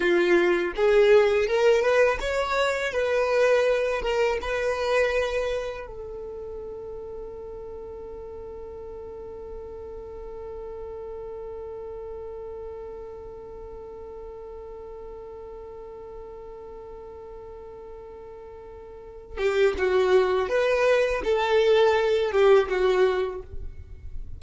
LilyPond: \new Staff \with { instrumentName = "violin" } { \time 4/4 \tempo 4 = 82 f'4 gis'4 ais'8 b'8 cis''4 | b'4. ais'8 b'2 | a'1~ | a'1~ |
a'1~ | a'1~ | a'2~ a'8 g'8 fis'4 | b'4 a'4. g'8 fis'4 | }